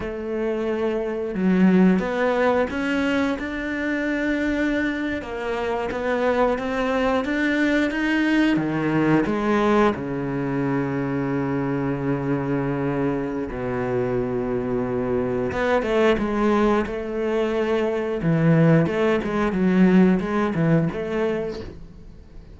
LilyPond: \new Staff \with { instrumentName = "cello" } { \time 4/4 \tempo 4 = 89 a2 fis4 b4 | cis'4 d'2~ d'8. ais16~ | ais8. b4 c'4 d'4 dis'16~ | dis'8. dis4 gis4 cis4~ cis16~ |
cis1 | b,2. b8 a8 | gis4 a2 e4 | a8 gis8 fis4 gis8 e8 a4 | }